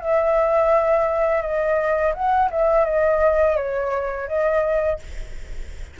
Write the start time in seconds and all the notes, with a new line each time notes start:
0.00 E5
1.42 D#5
2.14 F#5
2.51 E5
2.85 D#5
3.56 C#5
4.28 D#5